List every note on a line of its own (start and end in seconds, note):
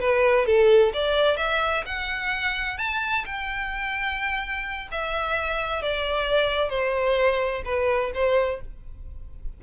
0.00 0.45 B4
0.45 0.92 A4
0.93 1.37 D5
1.37 1.83 E5
1.85 2.78 F#5
2.78 3.24 A5
3.25 4.88 G5
4.91 5.82 E5
5.82 6.69 D5
6.69 7.62 C5
7.65 8.11 B4
8.14 8.60 C5